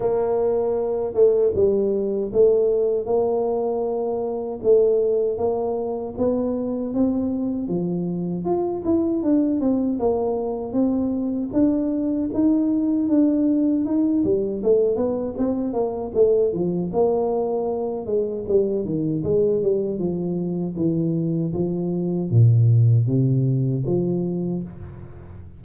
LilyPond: \new Staff \with { instrumentName = "tuba" } { \time 4/4 \tempo 4 = 78 ais4. a8 g4 a4 | ais2 a4 ais4 | b4 c'4 f4 f'8 e'8 | d'8 c'8 ais4 c'4 d'4 |
dis'4 d'4 dis'8 g8 a8 b8 | c'8 ais8 a8 f8 ais4. gis8 | g8 dis8 gis8 g8 f4 e4 | f4 ais,4 c4 f4 | }